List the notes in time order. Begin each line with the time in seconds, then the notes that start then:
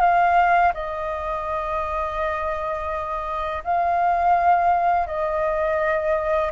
0.00 F5
0.74 D#5
3.64 F5
5.06 D#5